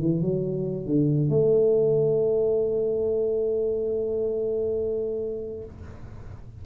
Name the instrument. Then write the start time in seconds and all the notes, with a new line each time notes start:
tuba
0.00 E3
0.21 F#3
0.86 D3
1.29 A3